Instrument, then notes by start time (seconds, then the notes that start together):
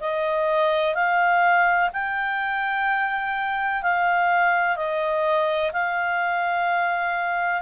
clarinet
0.00 D#5
0.95 F5
1.93 G5
3.83 F5
4.76 D#5
5.72 F5